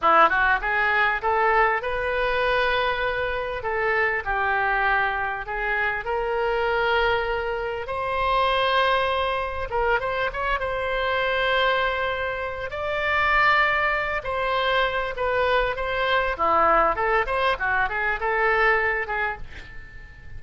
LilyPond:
\new Staff \with { instrumentName = "oboe" } { \time 4/4 \tempo 4 = 99 e'8 fis'8 gis'4 a'4 b'4~ | b'2 a'4 g'4~ | g'4 gis'4 ais'2~ | ais'4 c''2. |
ais'8 c''8 cis''8 c''2~ c''8~ | c''4 d''2~ d''8 c''8~ | c''4 b'4 c''4 e'4 | a'8 c''8 fis'8 gis'8 a'4. gis'8 | }